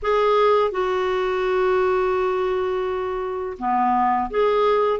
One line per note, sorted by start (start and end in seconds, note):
0.02 0.71 G#4
0.71 3.57 F#4
3.58 4.30 B3
4.30 5.00 G#4